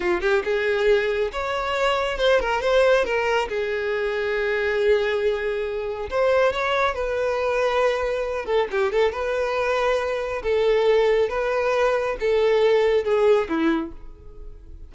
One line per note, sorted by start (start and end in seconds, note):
0.00 0.21 F4
0.21 0.42 G4
0.44 1.31 G#4
1.32 2.18 C#5
2.18 2.39 C5
2.39 2.61 A#4
2.61 3.04 C5
3.04 3.48 A#4
3.48 6.09 G#4
6.10 6.52 C5
6.52 6.94 C#5
6.94 8.45 B4
8.45 8.67 A4
8.71 8.92 G4
8.92 9.12 A4
9.12 10.42 B4
10.42 11.29 A4
11.29 12.16 B4
12.20 13.04 A4
13.04 13.48 G#4
13.48 13.92 E4